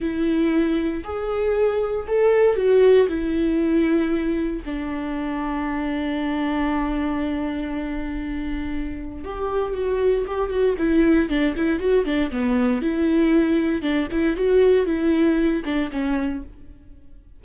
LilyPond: \new Staff \with { instrumentName = "viola" } { \time 4/4 \tempo 4 = 117 e'2 gis'2 | a'4 fis'4 e'2~ | e'4 d'2.~ | d'1~ |
d'2 g'4 fis'4 | g'8 fis'8 e'4 d'8 e'8 fis'8 d'8 | b4 e'2 d'8 e'8 | fis'4 e'4. d'8 cis'4 | }